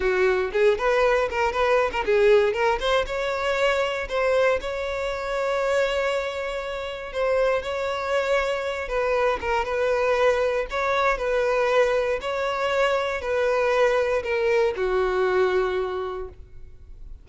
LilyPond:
\new Staff \with { instrumentName = "violin" } { \time 4/4 \tempo 4 = 118 fis'4 gis'8 b'4 ais'8 b'8. ais'16 | gis'4 ais'8 c''8 cis''2 | c''4 cis''2.~ | cis''2 c''4 cis''4~ |
cis''4. b'4 ais'8 b'4~ | b'4 cis''4 b'2 | cis''2 b'2 | ais'4 fis'2. | }